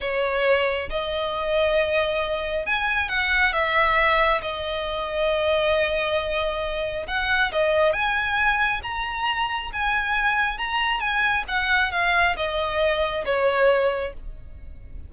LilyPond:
\new Staff \with { instrumentName = "violin" } { \time 4/4 \tempo 4 = 136 cis''2 dis''2~ | dis''2 gis''4 fis''4 | e''2 dis''2~ | dis''1 |
fis''4 dis''4 gis''2 | ais''2 gis''2 | ais''4 gis''4 fis''4 f''4 | dis''2 cis''2 | }